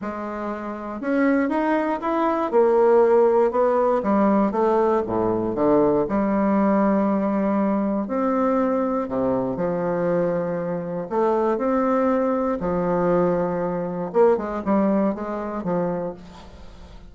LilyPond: \new Staff \with { instrumentName = "bassoon" } { \time 4/4 \tempo 4 = 119 gis2 cis'4 dis'4 | e'4 ais2 b4 | g4 a4 a,4 d4 | g1 |
c'2 c4 f4~ | f2 a4 c'4~ | c'4 f2. | ais8 gis8 g4 gis4 f4 | }